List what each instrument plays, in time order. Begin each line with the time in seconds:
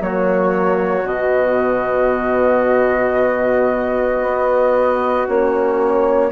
0.00 bassoon F#3, horn A#3, trumpet F#4, flute C#5
1.04 bassoon B2, horn B3, flute D#5
4.23 bassoon B3
5.28 bassoon A#3, horn C#4, flute C#5